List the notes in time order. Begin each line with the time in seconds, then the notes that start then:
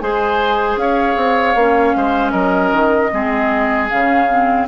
0.00 G#3 G#4 C5 G#5
0.77 C#4 C#5 F5
1.16 C4
1.55 A#3 C#4
1.96 G#3 C5
2.31 F#3 A#4 D#5
2.72 D#3
3.12 G#3 C4 G#4
3.90 C#3 C#4 F5
4.29 C4